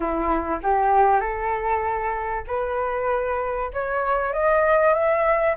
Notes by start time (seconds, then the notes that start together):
0.00 E4
0.62 G4
1.20 A4
2.47 B4
3.73 C#5
4.33 D#5
4.93 E5